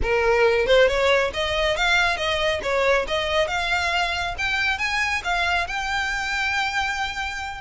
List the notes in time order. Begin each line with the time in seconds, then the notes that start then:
0.02 A#4
0.66 C5
0.87 C#5
1.33 D#5
1.76 F5
2.17 D#5
2.62 C#5
3.07 D#5
3.47 F5
4.38 G5
4.78 G#5
5.24 F5
5.67 G5